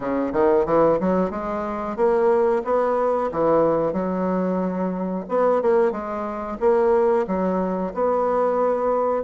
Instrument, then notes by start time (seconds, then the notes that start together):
bassoon
0.00 C#3
0.32 D#3
0.65 E3
1.00 F#3
1.30 G#3
1.96 A#3
2.64 B3
3.31 E3
3.93 F#3
5.28 B3
5.61 A#3
5.91 G#3
6.60 A#3
7.27 F#3
7.93 B3